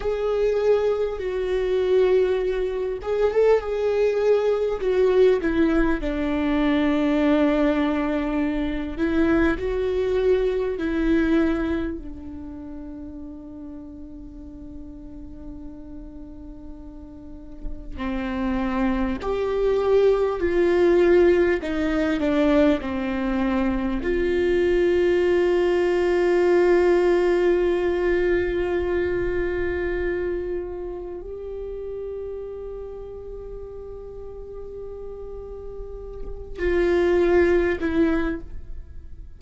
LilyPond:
\new Staff \with { instrumentName = "viola" } { \time 4/4 \tempo 4 = 50 gis'4 fis'4. gis'16 a'16 gis'4 | fis'8 e'8 d'2~ d'8 e'8 | fis'4 e'4 d'2~ | d'2. c'4 |
g'4 f'4 dis'8 d'8 c'4 | f'1~ | f'2 g'2~ | g'2~ g'8 f'4 e'8 | }